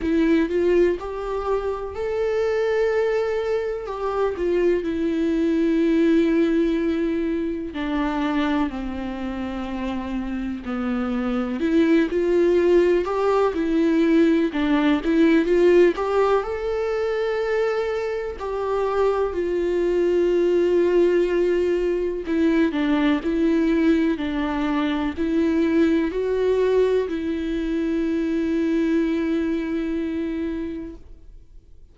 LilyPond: \new Staff \with { instrumentName = "viola" } { \time 4/4 \tempo 4 = 62 e'8 f'8 g'4 a'2 | g'8 f'8 e'2. | d'4 c'2 b4 | e'8 f'4 g'8 e'4 d'8 e'8 |
f'8 g'8 a'2 g'4 | f'2. e'8 d'8 | e'4 d'4 e'4 fis'4 | e'1 | }